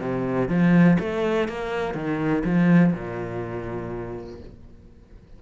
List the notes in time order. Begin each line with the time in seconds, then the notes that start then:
0.00 C3
0.49 F3
1.00 A3
1.49 A#3
1.94 D#3
2.45 F3
2.94 A#2